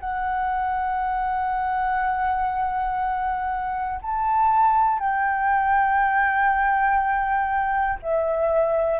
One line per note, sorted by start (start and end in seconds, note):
0.00 4.00 F#5
4.01 4.99 A5
4.99 7.99 G5
8.02 9.00 E5